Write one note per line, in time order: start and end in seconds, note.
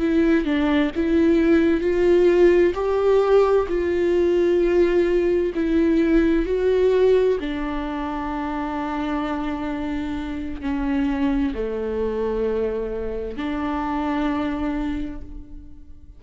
0.00 0.45 E4
0.45 0.91 D4
0.96 1.81 E4
1.81 2.74 F4
2.75 3.67 G4
3.69 5.53 F4
5.56 6.46 E4
6.46 7.38 F#4
7.41 10.62 D4
10.62 11.54 C#4
11.55 13.37 A3
13.37 15.22 D4